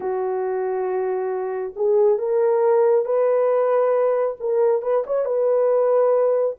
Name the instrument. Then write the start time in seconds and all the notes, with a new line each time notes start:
horn
0.00 F#4
1.76 G#4
2.18 A#4
3.05 B4
4.40 A#4
4.82 B4
5.06 C#5
5.25 B4